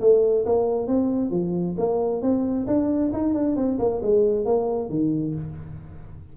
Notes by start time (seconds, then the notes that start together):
0.00 A3
0.46 A#3
0.87 C4
1.31 F3
1.77 A#3
2.22 C4
2.67 D4
3.12 D#4
3.34 D4
3.56 C4
3.79 A#3
4.02 G#3
4.45 A#3
4.89 D#3